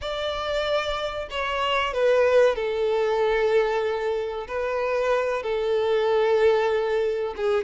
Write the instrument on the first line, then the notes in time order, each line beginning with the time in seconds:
violin
0.01 D5
1.30 C#5
1.93 B4
2.55 A4
4.47 B4
5.43 A4
7.36 G#4